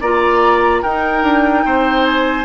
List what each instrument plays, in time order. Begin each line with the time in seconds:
0.00 bassoon A#3, clarinet F4, oboe D5, flute A#5
0.82 bassoon D#4, clarinet D#4, oboe A#4, flute G5
1.22 bassoon D4
1.65 bassoon C4, oboe C5
2.05 flute G#5